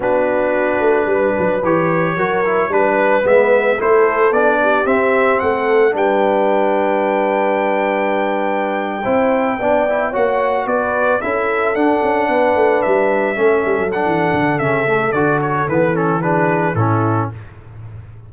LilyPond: <<
  \new Staff \with { instrumentName = "trumpet" } { \time 4/4 \tempo 4 = 111 b'2. cis''4~ | cis''4 b'4 e''4 c''4 | d''4 e''4 fis''4 g''4~ | g''1~ |
g''2~ g''8. fis''4 d''16~ | d''8. e''4 fis''2 e''16~ | e''4.~ e''16 fis''4~ fis''16 e''4 | d''8 cis''8 b'8 a'8 b'4 a'4 | }
  \new Staff \with { instrumentName = "horn" } { \time 4/4 fis'2 b'2 | ais'4 b'2 a'4~ | a'8 g'4. a'4 b'4~ | b'1~ |
b'8. c''4 d''4 cis''4 b'16~ | b'8. a'2 b'4~ b'16~ | b'8. a'2.~ a'16~ | a'2 gis'4 e'4 | }
  \new Staff \with { instrumentName = "trombone" } { \time 4/4 d'2. g'4 | fis'8 e'8 d'4 b4 e'4 | d'4 c'2 d'4~ | d'1~ |
d'8. e'4 d'8 e'8 fis'4~ fis'16~ | fis'8. e'4 d'2~ d'16~ | d'8. cis'4 d'4~ d'16 cis'8 a8 | fis'4 b8 cis'8 d'4 cis'4 | }
  \new Staff \with { instrumentName = "tuba" } { \time 4/4 b4. a8 g8 fis8 e4 | fis4 g4 gis4 a4 | b4 c'4 a4 g4~ | g1~ |
g8. c'4 b4 ais4 b16~ | b8. cis'4 d'8 cis'8 b8 a8 g16~ | g8. a8 g16 fis8 e8 d8 cis4 | d4 e2 a,4 | }
>>